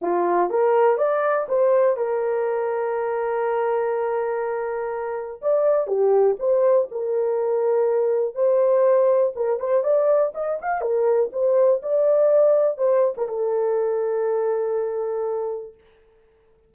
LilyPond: \new Staff \with { instrumentName = "horn" } { \time 4/4 \tempo 4 = 122 f'4 ais'4 d''4 c''4 | ais'1~ | ais'2. d''4 | g'4 c''4 ais'2~ |
ais'4 c''2 ais'8 c''8 | d''4 dis''8 f''8 ais'4 c''4 | d''2 c''8. ais'16 a'4~ | a'1 | }